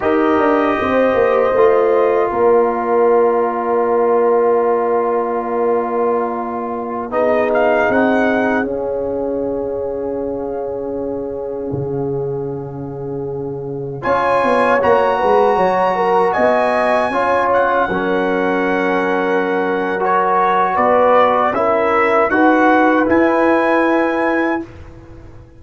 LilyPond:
<<
  \new Staff \with { instrumentName = "trumpet" } { \time 4/4 \tempo 4 = 78 dis''2. d''4~ | d''1~ | d''4~ d''16 dis''8 f''8 fis''4 f''8.~ | f''1~ |
f''2~ f''16 gis''4 ais''8.~ | ais''4~ ais''16 gis''4. fis''4~ fis''16~ | fis''2 cis''4 d''4 | e''4 fis''4 gis''2 | }
  \new Staff \with { instrumentName = "horn" } { \time 4/4 ais'4 c''2 ais'4~ | ais'1~ | ais'4~ ais'16 gis'2~ gis'8.~ | gis'1~ |
gis'2~ gis'16 cis''4. b'16~ | b'16 cis''8 ais'8 dis''4 cis''4 ais'8.~ | ais'2. b'4 | ais'4 b'2. | }
  \new Staff \with { instrumentName = "trombone" } { \time 4/4 g'2 f'2~ | f'1~ | f'4~ f'16 dis'2 cis'8.~ | cis'1~ |
cis'2~ cis'16 f'4 fis'8.~ | fis'2~ fis'16 f'4 cis'8.~ | cis'2 fis'2 | e'4 fis'4 e'2 | }
  \new Staff \with { instrumentName = "tuba" } { \time 4/4 dis'8 d'8 c'8 ais8 a4 ais4~ | ais1~ | ais4~ ais16 b4 c'4 cis'8.~ | cis'2.~ cis'16 cis8.~ |
cis2~ cis16 cis'8 b8 ais8 gis16~ | gis16 fis4 b4 cis'4 fis8.~ | fis2. b4 | cis'4 dis'4 e'2 | }
>>